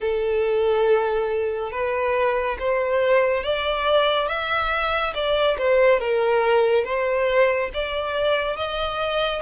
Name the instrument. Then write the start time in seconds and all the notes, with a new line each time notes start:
violin
0.00 A4
1.71 B4
2.59 C5
3.43 D5
4.27 E5
5.14 D5
5.58 C5
5.99 A#4
6.84 C5
7.73 D5
8.56 D#5